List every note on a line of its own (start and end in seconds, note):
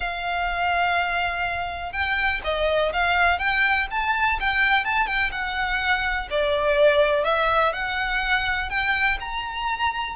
0.00 1.92 F5
1.92 2.40 G5
2.43 2.92 D#5
2.92 3.38 F5
3.38 3.87 G5
3.90 4.39 A5
4.40 4.85 G5
4.85 5.06 A5
5.06 5.30 G5
5.31 6.28 F#5
6.30 7.24 D5
7.24 7.72 E5
7.72 8.69 F#5
8.69 9.18 G5
9.19 10.15 A#5